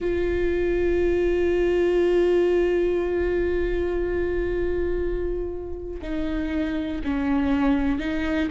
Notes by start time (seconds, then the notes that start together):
0.00 F4
6.02 D#4
7.04 C#4
7.99 D#4